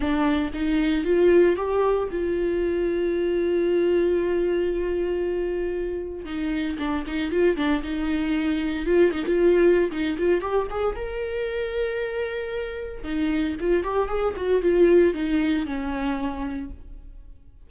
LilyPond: \new Staff \with { instrumentName = "viola" } { \time 4/4 \tempo 4 = 115 d'4 dis'4 f'4 g'4 | f'1~ | f'1 | dis'4 d'8 dis'8 f'8 d'8 dis'4~ |
dis'4 f'8 dis'16 f'4~ f'16 dis'8 f'8 | g'8 gis'8 ais'2.~ | ais'4 dis'4 f'8 g'8 gis'8 fis'8 | f'4 dis'4 cis'2 | }